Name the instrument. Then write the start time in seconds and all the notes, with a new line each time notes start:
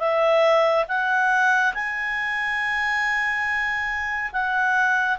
clarinet
0.00 E5
0.88 F#5
1.75 G#5
4.33 F#5